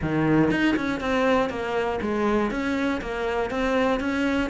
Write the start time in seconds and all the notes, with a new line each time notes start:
0.02 D#3
0.50 D#4
0.76 C#4
1.00 C4
1.49 A#3
2.01 G#3
2.50 C#4
3.01 A#3
3.50 C4
4.00 C#4